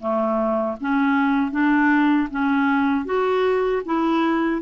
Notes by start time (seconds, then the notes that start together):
0.00 A3
0.81 C#4
1.52 D4
2.31 C#4
3.06 F#4
3.85 E4